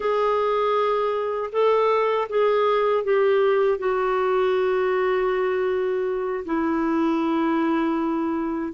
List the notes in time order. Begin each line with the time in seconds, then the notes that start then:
0.00 G#4
1.52 A4
2.29 G#4
3.03 G4
3.78 F#4
6.45 E4